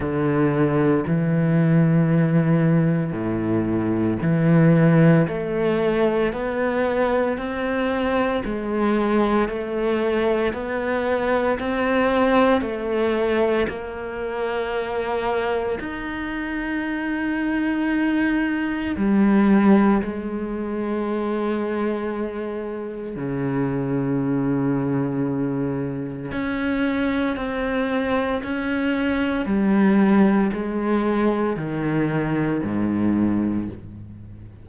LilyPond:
\new Staff \with { instrumentName = "cello" } { \time 4/4 \tempo 4 = 57 d4 e2 a,4 | e4 a4 b4 c'4 | gis4 a4 b4 c'4 | a4 ais2 dis'4~ |
dis'2 g4 gis4~ | gis2 cis2~ | cis4 cis'4 c'4 cis'4 | g4 gis4 dis4 gis,4 | }